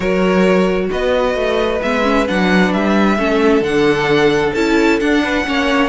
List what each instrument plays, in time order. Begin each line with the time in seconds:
0.00 cello F#3, viola F#4, violin A#4 C#5
0.91 cello B3, violin B4 D#5
1.34 cello A3
1.82 cello G#3, viola B3, violin E5
2.03 viola C#4
2.26 cello F#3, viola D4, violin F#5
2.73 cello G3, violin E5
3.17 cello A3, viola C#4, violin A4
3.60 cello D3, viola D4, violin F#5
4.54 cello C#4, viola E4, violin A5
5.00 viola D4, cello D4, violin F#5
5.23 violin B4
5.45 cello A#3, viola C#4, violin C#5